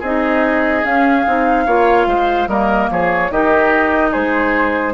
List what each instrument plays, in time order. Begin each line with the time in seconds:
0.00 bassoon C4, clarinet D#4, oboe G#4, flute D#5
0.84 clarinet C#4, bassoon C#4, flute F5
1.27 bassoon C4, clarinet D#4
1.66 bassoon A#3, clarinet F4, oboe C#5
2.07 bassoon G#3, oboe C5
2.47 bassoon G3, clarinet A#3, oboe A#4, flute D#5
2.91 bassoon F3, oboe G#4, flute C#5
3.31 bassoon D#3, clarinet D#4, oboe G4, flute D#5
4.11 bassoon G#3, oboe G#4, flute C5